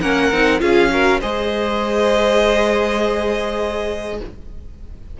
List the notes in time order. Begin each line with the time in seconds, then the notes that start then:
0.00 A#3 C#4 A#4 F#5
0.32 C4 D#4
0.59 C#4 F4 G#4 F5
0.90 F#4 A#4
1.20 G#3 G#4 C5 D#5